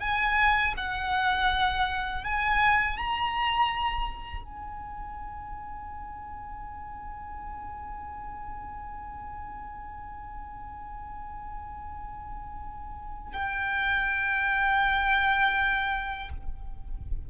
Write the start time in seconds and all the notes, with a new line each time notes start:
0.00 G#5
0.77 F#5
2.24 G#5
2.97 A#5
4.44 G#5
13.33 G5